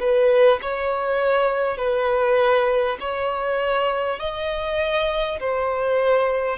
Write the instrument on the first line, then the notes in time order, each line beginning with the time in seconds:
violin
0.00 B4
0.62 C#5
1.77 B4
3.01 C#5
4.19 D#5
5.40 C5